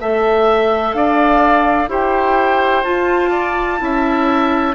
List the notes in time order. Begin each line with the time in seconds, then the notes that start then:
0.00 A3 A4 E5
0.93 D4 D5 F5
1.88 E4 G4 C5 G5
2.84 F4 A5
3.30 D5
3.78 C#4 E4 E5